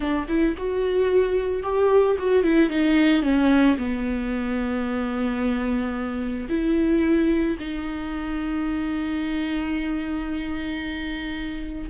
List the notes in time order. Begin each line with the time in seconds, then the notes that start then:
0.00 D4
0.28 E4
0.57 F#4
1.62 G4
2.18 F#4
2.43 E4
2.69 D#4
3.22 C#4
3.77 B3
6.49 E4
7.59 D#4